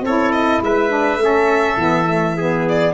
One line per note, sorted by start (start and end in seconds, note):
0.00 0.58 C4
0.00 0.88 E4
0.00 0.63 A4
0.00 0.32 C#5
0.32 0.61 D#5
0.61 1.16 G#3
0.61 1.23 B4
0.61 2.68 E5
0.88 1.17 D4
1.16 1.74 A3
1.16 1.78 C#4
1.23 2.36 A4
1.76 2.93 E3
1.76 2.06 B3
2.06 2.35 A3
2.36 2.93 B3
2.36 2.93 G#4
2.68 2.93 D5